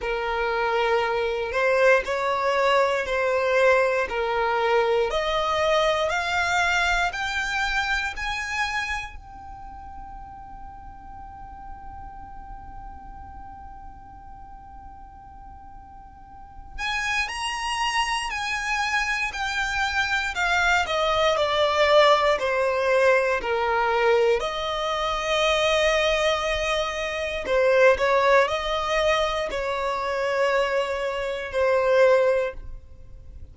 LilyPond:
\new Staff \with { instrumentName = "violin" } { \time 4/4 \tempo 4 = 59 ais'4. c''8 cis''4 c''4 | ais'4 dis''4 f''4 g''4 | gis''4 g''2.~ | g''1~ |
g''8 gis''8 ais''4 gis''4 g''4 | f''8 dis''8 d''4 c''4 ais'4 | dis''2. c''8 cis''8 | dis''4 cis''2 c''4 | }